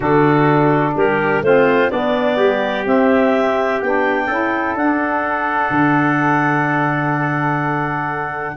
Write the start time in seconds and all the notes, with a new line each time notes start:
0.00 D3 D4 F#4 A4
0.96 G3 G4 A#4
1.41 A3 C4 F4 C5
1.90 B3 D4 D5
2.36 G3 G4
2.86 C4 E5
3.80 B3 D4 G5
4.26 C#4 E4 A4
4.74 D4 F#5
5.70 D3